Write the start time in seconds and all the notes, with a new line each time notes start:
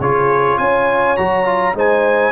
0.00 C#3 F4 G#4 C#5
0.58 C#4 C#5 G#5
1.17 F#3 F#4 A#5
1.45 F4
1.74 G#3 D#4 C5 G#5